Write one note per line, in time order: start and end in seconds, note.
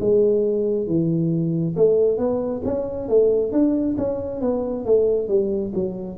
0.00 0.87 G#3
0.87 1.75 E3
1.76 2.17 A3
2.17 2.61 B3
2.65 3.08 C#4
3.08 3.52 A3
3.52 3.96 D4
3.98 4.41 C#4
4.41 4.85 B3
4.85 5.28 A3
5.28 5.72 G3
5.75 6.18 F#3